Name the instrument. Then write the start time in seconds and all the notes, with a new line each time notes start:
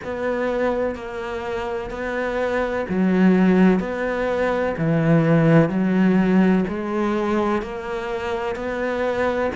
cello
0.03 B3
0.95 A#3
1.90 B3
2.89 F#3
3.79 B3
4.77 E3
5.69 F#3
6.68 G#3
7.61 A#3
8.55 B3